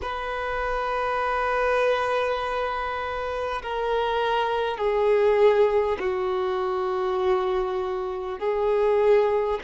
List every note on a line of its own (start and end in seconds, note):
0.02 3.62 B4
3.62 4.77 A#4
4.77 5.97 G#4
5.99 8.39 F#4
8.39 9.59 G#4